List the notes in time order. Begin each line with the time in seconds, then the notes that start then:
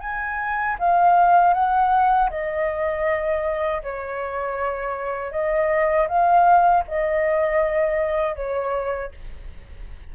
0.00 G#5
0.78 F5
1.53 F#5
2.30 D#5
3.83 C#5
5.31 D#5
6.08 F5
6.87 D#5
8.35 C#5